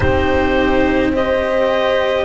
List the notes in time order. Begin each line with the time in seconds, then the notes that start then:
0.00 C4 D#4 G4 C5
1.12 G4 C5 D#5